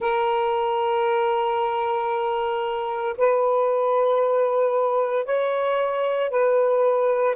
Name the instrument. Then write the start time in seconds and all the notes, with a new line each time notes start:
saxophone
0.00 A#4
3.17 B4
5.25 C#5
6.30 B4